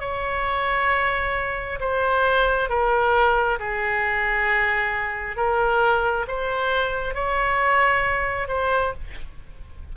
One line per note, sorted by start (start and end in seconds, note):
0.00 1.79 C#5
1.80 2.69 C5
2.69 3.59 A#4
3.59 5.36 G#4
5.36 6.26 A#4
6.28 7.14 C5
7.14 8.48 C#5
8.48 8.93 C5